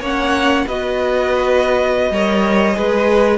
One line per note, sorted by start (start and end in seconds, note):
0.00 0.65 A#3
0.00 0.67 C#4
0.00 0.65 C#5
0.00 0.67 F#5
0.66 2.10 B3
0.66 2.13 F#4
0.66 2.12 B4
0.66 3.37 D#5
2.10 2.75 G3
2.10 2.74 A#4
2.10 2.76 C#5
2.74 3.37 G#3
2.74 3.37 G#4
2.74 3.37 B4